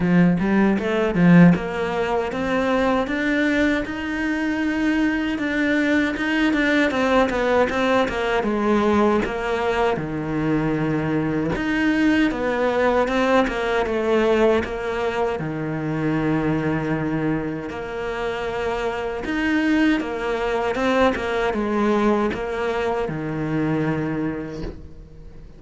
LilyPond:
\new Staff \with { instrumentName = "cello" } { \time 4/4 \tempo 4 = 78 f8 g8 a8 f8 ais4 c'4 | d'4 dis'2 d'4 | dis'8 d'8 c'8 b8 c'8 ais8 gis4 | ais4 dis2 dis'4 |
b4 c'8 ais8 a4 ais4 | dis2. ais4~ | ais4 dis'4 ais4 c'8 ais8 | gis4 ais4 dis2 | }